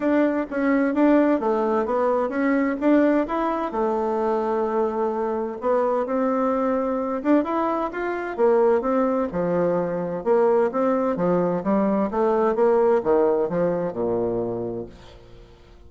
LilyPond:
\new Staff \with { instrumentName = "bassoon" } { \time 4/4 \tempo 4 = 129 d'4 cis'4 d'4 a4 | b4 cis'4 d'4 e'4 | a1 | b4 c'2~ c'8 d'8 |
e'4 f'4 ais4 c'4 | f2 ais4 c'4 | f4 g4 a4 ais4 | dis4 f4 ais,2 | }